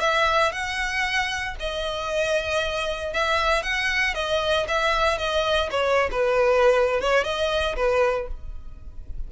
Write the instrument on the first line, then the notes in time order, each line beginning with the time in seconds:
violin
0.00 E5
0.52 F#5
1.59 D#5
3.13 E5
3.63 F#5
4.14 D#5
4.68 E5
5.18 D#5
5.71 C#5
6.11 B4
7.01 C#5
7.24 D#5
7.76 B4